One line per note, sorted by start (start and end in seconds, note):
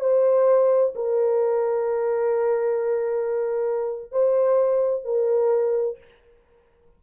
0.00 0.94 C5
0.95 4.11 A#4
4.11 5.04 C5
5.04 5.98 A#4